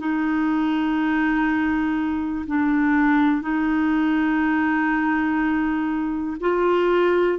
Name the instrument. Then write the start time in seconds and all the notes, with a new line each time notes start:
clarinet
0.00 D#4
2.47 D4
3.42 D#4
6.41 F4